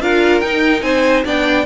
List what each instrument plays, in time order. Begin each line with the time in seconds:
0.00 cello D4, viola F4, violin A#4 F5
0.40 cello D#4, viola D#4, violin G5
0.81 cello C4, violin C5 G#5
1.24 cello B3, viola D4, violin D5 G5